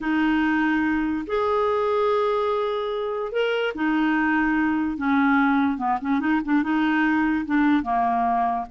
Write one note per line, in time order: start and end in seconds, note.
0.01 1.25 D#4
1.26 3.32 G#4
3.32 3.73 A#4
3.74 4.97 D#4
4.97 5.77 C#4
5.77 5.98 B3
6.01 6.20 C#4
6.20 6.40 D#4
6.44 6.62 D4
6.62 7.45 D#4
7.45 7.82 D4
7.82 8.65 A#3